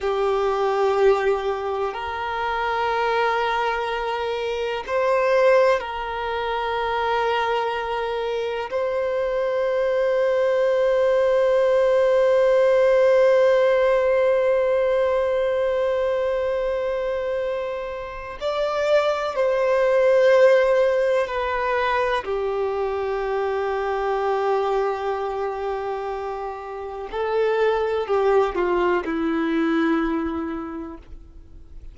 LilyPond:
\new Staff \with { instrumentName = "violin" } { \time 4/4 \tempo 4 = 62 g'2 ais'2~ | ais'4 c''4 ais'2~ | ais'4 c''2.~ | c''1~ |
c''2. d''4 | c''2 b'4 g'4~ | g'1 | a'4 g'8 f'8 e'2 | }